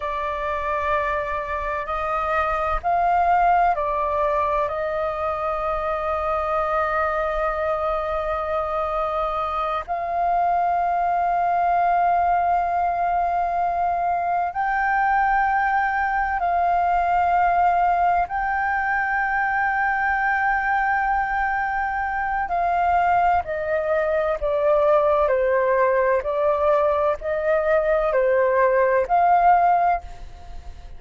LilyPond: \new Staff \with { instrumentName = "flute" } { \time 4/4 \tempo 4 = 64 d''2 dis''4 f''4 | d''4 dis''2.~ | dis''2~ dis''8 f''4.~ | f''2.~ f''8 g''8~ |
g''4. f''2 g''8~ | g''1 | f''4 dis''4 d''4 c''4 | d''4 dis''4 c''4 f''4 | }